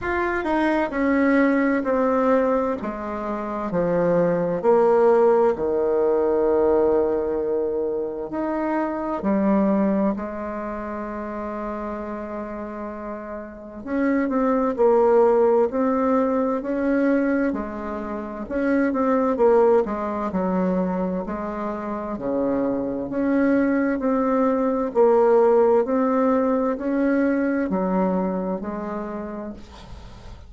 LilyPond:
\new Staff \with { instrumentName = "bassoon" } { \time 4/4 \tempo 4 = 65 f'8 dis'8 cis'4 c'4 gis4 | f4 ais4 dis2~ | dis4 dis'4 g4 gis4~ | gis2. cis'8 c'8 |
ais4 c'4 cis'4 gis4 | cis'8 c'8 ais8 gis8 fis4 gis4 | cis4 cis'4 c'4 ais4 | c'4 cis'4 fis4 gis4 | }